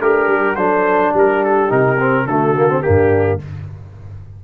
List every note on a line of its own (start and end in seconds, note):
0.00 0.28 A3
0.00 0.57 D4
0.00 0.58 G4
0.00 0.56 A#4
0.28 0.56 G3
0.56 1.13 F#3
0.56 1.69 D4
0.56 1.12 A4
0.56 1.13 C5
1.12 1.71 G3
1.12 2.25 G4
1.18 1.44 A#4
1.44 1.72 A4
1.69 2.26 C3
1.69 1.98 D#4
1.69 2.27 A#4
2.00 2.28 C4
2.26 2.83 D3
2.26 2.55 A3
2.26 2.83 F#4
2.26 2.83 A4
2.55 2.69 A#3
2.69 2.83 C4
2.83 3.45 G2
2.83 3.39 A#3
2.83 3.41 D4
2.83 3.40 G4